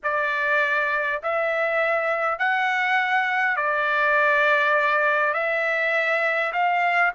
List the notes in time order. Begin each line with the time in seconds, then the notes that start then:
0.03 D5
1.22 E5
2.38 F#5
3.56 D5
5.33 E5
6.52 F5